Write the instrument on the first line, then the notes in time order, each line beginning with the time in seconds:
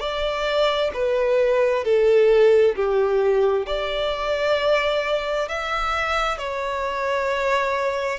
violin
0.00 D5
0.94 B4
1.84 A4
2.76 G4
3.67 D5
5.48 E5
6.38 C#5